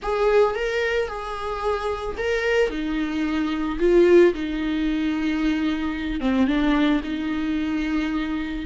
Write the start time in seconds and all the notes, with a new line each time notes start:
0.02 G#4
0.55 A#4
1.08 G#4
2.17 A#4
2.70 D#4
3.79 F4
4.33 D#4
6.20 C4
6.47 D4
7.03 D#4